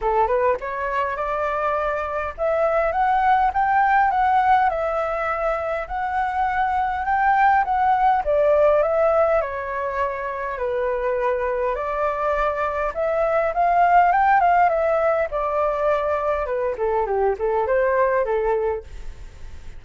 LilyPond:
\new Staff \with { instrumentName = "flute" } { \time 4/4 \tempo 4 = 102 a'8 b'8 cis''4 d''2 | e''4 fis''4 g''4 fis''4 | e''2 fis''2 | g''4 fis''4 d''4 e''4 |
cis''2 b'2 | d''2 e''4 f''4 | g''8 f''8 e''4 d''2 | b'8 a'8 g'8 a'8 c''4 a'4 | }